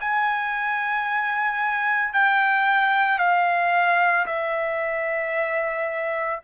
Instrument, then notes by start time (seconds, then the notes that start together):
trumpet
0.00 G#5
2.13 G5
3.19 F5
4.26 E5